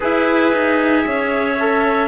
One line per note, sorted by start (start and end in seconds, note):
0.00 0.53 E4
0.00 1.57 G#4
0.00 1.03 B4
0.00 2.08 E5
0.53 1.05 D#4
1.07 2.08 C#4
1.07 2.08 C#5
1.59 2.08 A4